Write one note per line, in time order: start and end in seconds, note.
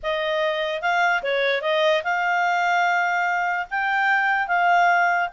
0.02 0.81 D#5
0.81 1.22 F5
1.22 1.61 C#5
1.61 2.02 D#5
2.03 3.66 F5
3.70 4.47 G5
4.47 5.29 F5